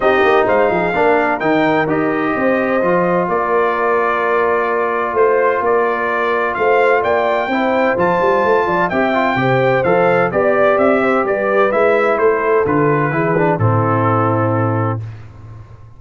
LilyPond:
<<
  \new Staff \with { instrumentName = "trumpet" } { \time 4/4 \tempo 4 = 128 dis''4 f''2 g''4 | dis''2. d''4~ | d''2. c''4 | d''2 f''4 g''4~ |
g''4 a''2 g''4~ | g''4 f''4 d''4 e''4 | d''4 e''4 c''4 b'4~ | b'4 a'2. | }
  \new Staff \with { instrumentName = "horn" } { \time 4/4 g'4 c''8 gis'8 ais'2~ | ais'4 c''2 ais'4~ | ais'2. c''4 | ais'2 c''4 d''4 |
c''2~ c''8 d''8 e''4 | c''2 d''4. c''8 | b'2 a'2 | gis'4 e'2. | }
  \new Staff \with { instrumentName = "trombone" } { \time 4/4 dis'2 d'4 dis'4 | g'2 f'2~ | f'1~ | f'1 |
e'4 f'2 g'8 f'8 | g'4 a'4 g'2~ | g'4 e'2 f'4 | e'8 d'8 c'2. | }
  \new Staff \with { instrumentName = "tuba" } { \time 4/4 c'8 ais8 gis8 f8 ais4 dis4 | dis'4 c'4 f4 ais4~ | ais2. a4 | ais2 a4 ais4 |
c'4 f8 g8 a8 f8 c'4 | c4 f4 b4 c'4 | g4 gis4 a4 d4 | e4 a,2. | }
>>